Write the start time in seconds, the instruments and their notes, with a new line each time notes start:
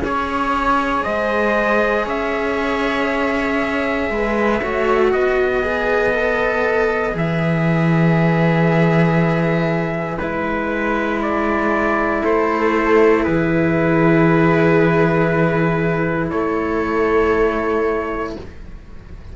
0.00 cello C#4 G#4, viola C#5, trumpet C#5
1.04 cello G#3, viola C5, trumpet D#5
2.04 cello C#4, viola C#5, trumpet E5
4.10 cello G#3, viola B4
4.62 cello A3 F#4, viola C#5
5.10 cello B3, viola B4, trumpet D#5
5.63 cello G#4
6.11 cello A4
7.12 cello E3 G#4, trumpet E5
10.18 cello G#3 E4, trumpet B4
11.22 trumpet D5
12.22 cello A3, viola A4, trumpet C5
13.24 cello E3, viola G#4, trumpet B4
16.30 cello A3, viola A4, trumpet C#5